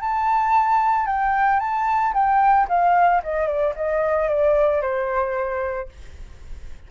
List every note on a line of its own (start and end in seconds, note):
0.00 1.06 A5
1.06 1.59 G5
1.59 2.13 A5
2.13 2.67 G5
2.68 3.22 F5
3.23 3.47 D#5
3.47 3.74 D5
3.75 4.28 D#5
4.28 4.81 D5
4.81 5.88 C5